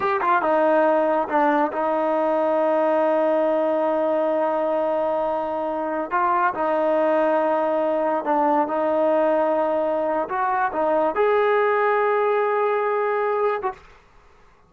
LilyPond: \new Staff \with { instrumentName = "trombone" } { \time 4/4 \tempo 4 = 140 g'8 f'8 dis'2 d'4 | dis'1~ | dis'1~ | dis'2~ dis'16 f'4 dis'8.~ |
dis'2.~ dis'16 d'8.~ | d'16 dis'2.~ dis'8. | fis'4 dis'4 gis'2~ | gis'2.~ gis'8. fis'16 | }